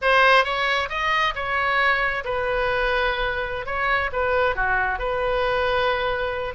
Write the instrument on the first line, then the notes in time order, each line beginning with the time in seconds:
oboe
0.01 C5
0.44 C#5
0.89 D#5
1.35 C#5
2.24 B4
3.65 C#5
4.12 B4
4.55 F#4
4.99 B4